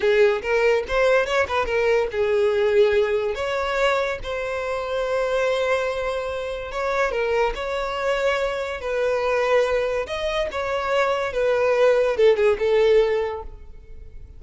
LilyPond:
\new Staff \with { instrumentName = "violin" } { \time 4/4 \tempo 4 = 143 gis'4 ais'4 c''4 cis''8 b'8 | ais'4 gis'2. | cis''2 c''2~ | c''1 |
cis''4 ais'4 cis''2~ | cis''4 b'2. | dis''4 cis''2 b'4~ | b'4 a'8 gis'8 a'2 | }